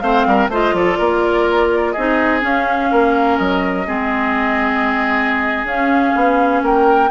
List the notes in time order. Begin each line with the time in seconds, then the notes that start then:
0.00 A3 C4 C5 F5
0.26 G3 A#4
0.48 A3 F4 C5 D#5
0.72 F3 A4 D5
0.98 A#3 A#4
1.92 C4 D#4 G#4 D#5
2.41 C#4 F5
2.91 A#3 A#4
3.38 F#3 D#5
3.87 G#3 C4 G#4
5.64 C#4 F5
6.15 B3
6.62 A#3 A#4 G5